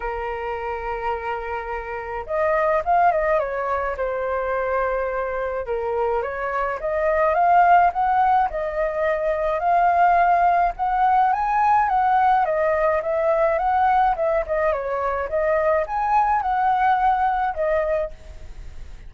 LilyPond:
\new Staff \with { instrumentName = "flute" } { \time 4/4 \tempo 4 = 106 ais'1 | dis''4 f''8 dis''8 cis''4 c''4~ | c''2 ais'4 cis''4 | dis''4 f''4 fis''4 dis''4~ |
dis''4 f''2 fis''4 | gis''4 fis''4 dis''4 e''4 | fis''4 e''8 dis''8 cis''4 dis''4 | gis''4 fis''2 dis''4 | }